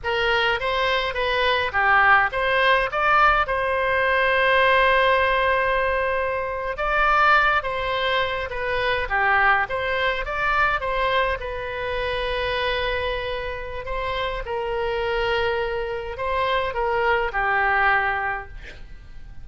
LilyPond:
\new Staff \with { instrumentName = "oboe" } { \time 4/4 \tempo 4 = 104 ais'4 c''4 b'4 g'4 | c''4 d''4 c''2~ | c''2.~ c''8. d''16~ | d''4~ d''16 c''4. b'4 g'16~ |
g'8. c''4 d''4 c''4 b'16~ | b'1 | c''4 ais'2. | c''4 ais'4 g'2 | }